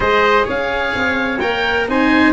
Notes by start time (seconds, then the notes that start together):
0.00 G#3 G#4 C5 D#5
0.45 C#4 C#5 F5
0.95 C4
1.39 A#3 A#4 G5
1.88 C4 D#4 C5 G#5